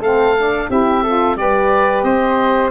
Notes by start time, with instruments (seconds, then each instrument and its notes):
0.00 tuba A3, saxophone C4, flute A4, oboe F5
0.37 saxophone D4
0.69 tuba C4, saxophone E4, flute G4, oboe E5
1.03 saxophone F4, flute A4
1.35 tuba G3, saxophone G4, flute B4, oboe D5
2.03 tuba C4, flute C5, oboe D#5